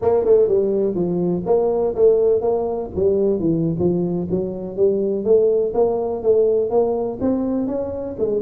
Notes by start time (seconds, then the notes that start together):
0.01 A#3
0.24 A3
0.48 G3
0.94 F3
1.46 A#3
1.95 A3
2.41 A#3
2.95 G3
3.39 E3
3.78 F3
4.30 F#3
4.76 G3
5.24 A3
5.74 A#3
6.22 A3
6.69 A#3
7.21 C4
7.67 C#4
8.18 G#3